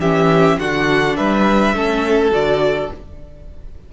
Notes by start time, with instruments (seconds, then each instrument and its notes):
0.00 cello E3, viola C#4, violin G4 E5
0.59 cello D3, viola D4, violin F#4 F#5
1.17 cello G3, violin B4 E5
1.74 cello A3, viola C#4, violin A4
2.31 cello D3, viola F#4, violin D5